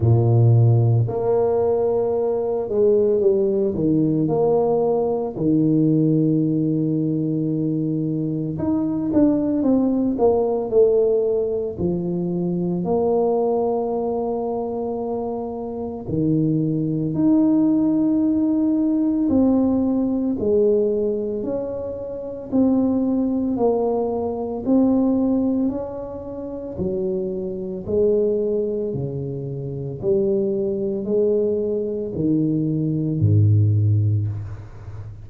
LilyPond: \new Staff \with { instrumentName = "tuba" } { \time 4/4 \tempo 4 = 56 ais,4 ais4. gis8 g8 dis8 | ais4 dis2. | dis'8 d'8 c'8 ais8 a4 f4 | ais2. dis4 |
dis'2 c'4 gis4 | cis'4 c'4 ais4 c'4 | cis'4 fis4 gis4 cis4 | g4 gis4 dis4 gis,4 | }